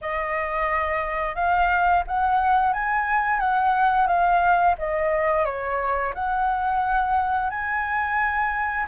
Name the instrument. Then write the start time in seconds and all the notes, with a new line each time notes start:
flute
0.01 D#5
1.35 F5
2.07 F#5
2.73 G#5
3.39 F#5
4.07 F5
4.78 D#5
5.45 C#5
6.14 F#5
7.50 G#5